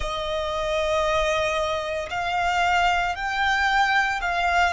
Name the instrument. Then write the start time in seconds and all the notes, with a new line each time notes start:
violin
0.00 D#5
2.10 F5
3.15 G5
4.21 F5